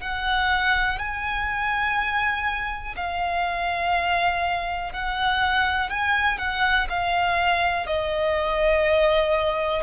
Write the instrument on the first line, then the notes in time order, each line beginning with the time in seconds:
violin
0.00 F#5
0.98 G#5
2.96 F5
4.92 F#5
5.90 G#5
6.38 F#5
6.89 F5
7.86 D#5